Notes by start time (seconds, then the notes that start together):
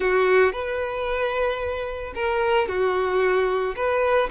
0.00 F#4
0.52 B4
2.15 A#4
2.68 F#4
3.75 B4